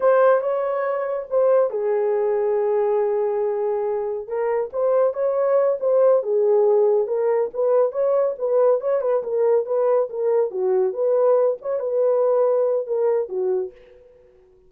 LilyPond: \new Staff \with { instrumentName = "horn" } { \time 4/4 \tempo 4 = 140 c''4 cis''2 c''4 | gis'1~ | gis'2 ais'4 c''4 | cis''4. c''4 gis'4.~ |
gis'8 ais'4 b'4 cis''4 b'8~ | b'8 cis''8 b'8 ais'4 b'4 ais'8~ | ais'8 fis'4 b'4. cis''8 b'8~ | b'2 ais'4 fis'4 | }